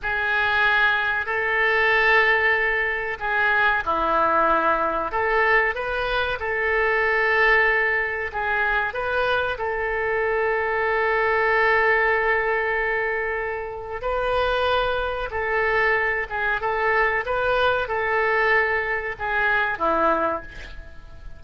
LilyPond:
\new Staff \with { instrumentName = "oboe" } { \time 4/4 \tempo 4 = 94 gis'2 a'2~ | a'4 gis'4 e'2 | a'4 b'4 a'2~ | a'4 gis'4 b'4 a'4~ |
a'1~ | a'2 b'2 | a'4. gis'8 a'4 b'4 | a'2 gis'4 e'4 | }